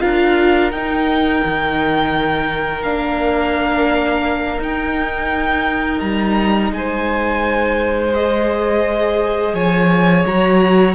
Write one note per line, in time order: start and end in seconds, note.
0.00 0.72 D4
0.00 0.71 F4
0.00 6.72 A#4
0.00 0.71 F5
0.71 1.43 D#4
0.71 2.84 D#4
0.71 2.83 G5
1.45 2.83 D#3
2.83 4.59 A#3
2.83 4.59 D4
2.83 4.59 F5
4.59 8.11 D#4
4.59 6.00 D#4
4.59 6.00 G5
6.00 6.71 G3
6.00 6.71 A#5
6.71 9.54 G#3
6.71 9.55 C5
6.71 8.14 G#5
8.14 10.28 G#4
8.14 9.55 D#5
9.54 10.25 F3
9.54 10.96 C#5
9.54 10.26 G#5
10.26 10.96 F#3
10.26 10.96 F#4
10.26 10.96 A#5